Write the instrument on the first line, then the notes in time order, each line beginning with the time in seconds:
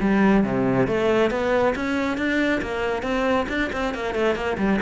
cello
0.00 G3
0.44 C3
0.87 A3
1.30 B3
1.75 C#4
2.17 D4
2.61 A#3
3.03 C4
3.48 D4
3.73 C4
3.94 A#3
4.14 A3
4.35 A#3
4.58 G3